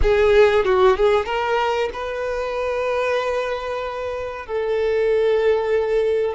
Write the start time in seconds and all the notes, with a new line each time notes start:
0.01 G#4
0.64 F#4
0.96 G#4
1.25 A#4
1.93 B4
4.46 A4